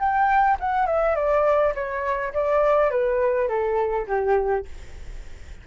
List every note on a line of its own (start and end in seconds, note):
0.00 0.58 G5
0.60 0.87 F#5
0.87 1.16 E5
1.16 1.74 D5
1.75 2.33 C#5
2.34 2.91 D5
2.91 3.49 B4
3.49 4.07 A4
4.08 4.66 G4